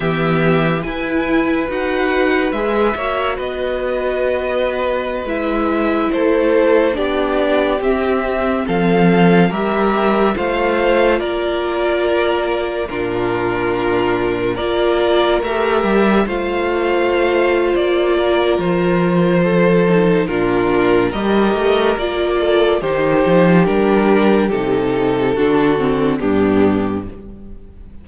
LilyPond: <<
  \new Staff \with { instrumentName = "violin" } { \time 4/4 \tempo 4 = 71 e''4 gis''4 fis''4 e''4 | dis''2~ dis''16 e''4 c''8.~ | c''16 d''4 e''4 f''4 e''8.~ | e''16 f''4 d''2 ais'8.~ |
ais'4~ ais'16 d''4 e''4 f''8.~ | f''4 d''4 c''2 | ais'4 dis''4 d''4 c''4 | ais'4 a'2 g'4 | }
  \new Staff \with { instrumentName = "violin" } { \time 4/4 g'4 b'2~ b'8 cis''8 | b'2.~ b'16 a'8.~ | a'16 g'2 a'4 ais'8.~ | ais'16 c''4 ais'2 f'8.~ |
f'4~ f'16 ais'2 c''8.~ | c''4. ais'4. a'4 | f'4 ais'4. a'8 g'4~ | g'2 fis'4 d'4 | }
  \new Staff \with { instrumentName = "viola" } { \time 4/4 b4 e'4 fis'4 gis'8 fis'8~ | fis'2~ fis'16 e'4.~ e'16~ | e'16 d'4 c'2 g'8.~ | g'16 f'2. d'8.~ |
d'4~ d'16 f'4 g'4 f'8.~ | f'2.~ f'8 dis'8 | d'4 g'4 f'4 dis'4 | d'4 dis'4 d'8 c'8 b4 | }
  \new Staff \with { instrumentName = "cello" } { \time 4/4 e4 e'4 dis'4 gis8 ais8 | b2~ b16 gis4 a8.~ | a16 b4 c'4 f4 g8.~ | g16 a4 ais2 ais,8.~ |
ais,4~ ais,16 ais4 a8 g8 a8.~ | a4 ais4 f2 | ais,4 g8 a8 ais4 dis8 f8 | g4 c4 d4 g,4 | }
>>